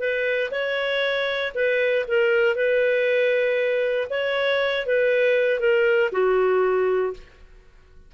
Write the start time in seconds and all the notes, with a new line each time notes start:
0.00 B4
0.51 C#5
1.54 B4
2.08 A#4
2.55 B4
4.10 C#5
4.86 B4
5.60 A#4
6.12 F#4